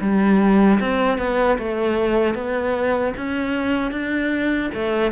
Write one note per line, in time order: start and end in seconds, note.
0.00 0.79 G3
0.80 1.18 C4
1.18 1.58 B3
1.58 2.34 A3
2.34 3.13 B3
3.17 3.91 C#4
3.91 4.70 D4
4.74 5.12 A3